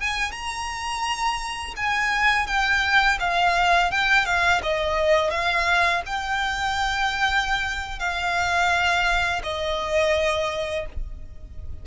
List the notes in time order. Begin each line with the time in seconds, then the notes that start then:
0.00 G#5
0.32 A#5
1.77 G#5
2.47 G5
3.20 F5
3.92 G5
4.26 F5
4.63 D#5
5.31 F5
6.06 G5
7.99 F5
9.44 D#5